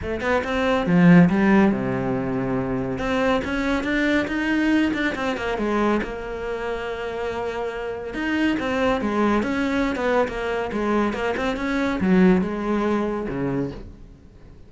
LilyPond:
\new Staff \with { instrumentName = "cello" } { \time 4/4 \tempo 4 = 140 a8 b8 c'4 f4 g4 | c2. c'4 | cis'4 d'4 dis'4. d'8 | c'8 ais8 gis4 ais2~ |
ais2. dis'4 | c'4 gis4 cis'4~ cis'16 b8. | ais4 gis4 ais8 c'8 cis'4 | fis4 gis2 cis4 | }